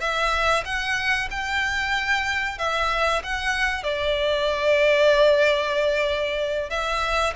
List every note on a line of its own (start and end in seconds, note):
0.00 0.64 E5
0.65 1.29 F#5
1.31 2.58 G5
2.58 3.22 E5
3.24 3.83 F#5
3.83 6.70 D5
6.70 7.33 E5